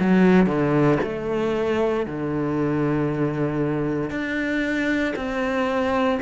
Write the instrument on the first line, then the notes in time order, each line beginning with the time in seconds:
cello
0.00 F#3
0.47 D3
1.03 A3
2.06 D3
4.11 D4
5.16 C4